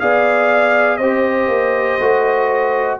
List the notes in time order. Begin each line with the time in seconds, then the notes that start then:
0.00 B3 G#4 D5 F5
0.97 C4 G4 C5 D#5
1.48 A#3
1.99 A3 F#4